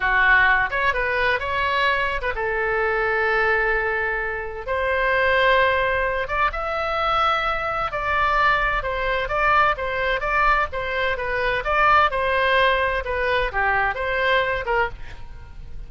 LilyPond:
\new Staff \with { instrumentName = "oboe" } { \time 4/4 \tempo 4 = 129 fis'4. cis''8 b'4 cis''4~ | cis''8. b'16 a'2.~ | a'2 c''2~ | c''4. d''8 e''2~ |
e''4 d''2 c''4 | d''4 c''4 d''4 c''4 | b'4 d''4 c''2 | b'4 g'4 c''4. ais'8 | }